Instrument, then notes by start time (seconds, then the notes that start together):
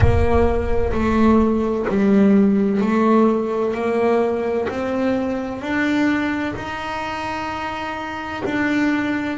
double bass
0.00 A#3
0.92 A3
1.88 G3
2.80 A3
3.74 A#3
4.69 C4
5.61 D4
6.55 D#4
8.45 D4